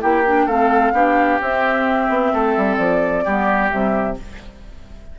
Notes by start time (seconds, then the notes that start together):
0.00 A#3 E4 G4 G5
0.26 D4
0.46 A3 C4 A4 F5
0.92 B3 D4 G4
1.41 C4 E5
2.09 B3
2.33 A3 A4
2.57 G3
2.77 F3 D5
3.24 G3 B3 G4
3.70 C3 G3 E5